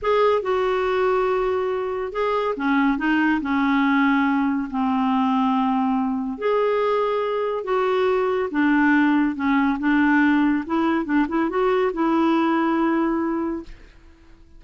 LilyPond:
\new Staff \with { instrumentName = "clarinet" } { \time 4/4 \tempo 4 = 141 gis'4 fis'2.~ | fis'4 gis'4 cis'4 dis'4 | cis'2. c'4~ | c'2. gis'4~ |
gis'2 fis'2 | d'2 cis'4 d'4~ | d'4 e'4 d'8 e'8 fis'4 | e'1 | }